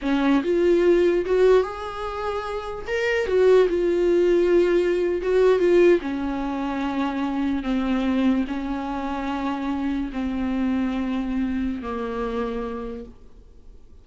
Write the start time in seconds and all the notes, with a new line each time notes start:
0.02 C#4
0.43 F4
1.25 F#4
1.63 G#4
2.87 A#4
3.27 F#4
3.68 F4
5.22 F#4
5.59 F4
6.01 C#4
7.63 C4
8.47 C#4
10.12 C4
11.82 A#3